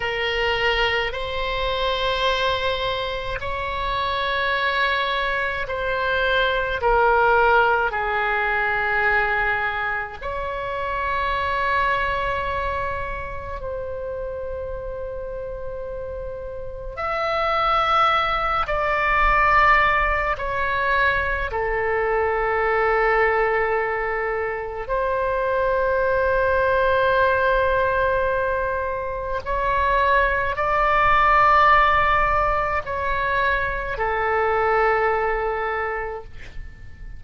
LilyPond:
\new Staff \with { instrumentName = "oboe" } { \time 4/4 \tempo 4 = 53 ais'4 c''2 cis''4~ | cis''4 c''4 ais'4 gis'4~ | gis'4 cis''2. | c''2. e''4~ |
e''8 d''4. cis''4 a'4~ | a'2 c''2~ | c''2 cis''4 d''4~ | d''4 cis''4 a'2 | }